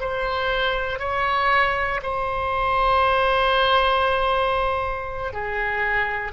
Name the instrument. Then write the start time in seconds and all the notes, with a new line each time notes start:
oboe
0.00 C5
0.99 C#5
2.02 C5
5.33 G#4